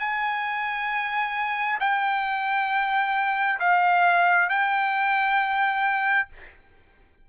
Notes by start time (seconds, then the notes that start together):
0.00 G#5
1.80 G5
3.60 F5
4.50 G5